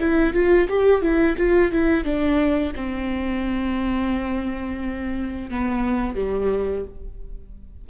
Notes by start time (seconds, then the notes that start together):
0.00 E4
0.33 F4
0.69 G4
1.02 E4
1.38 F4
1.72 E4
2.04 D4
2.76 C4
5.50 B3
6.16 G3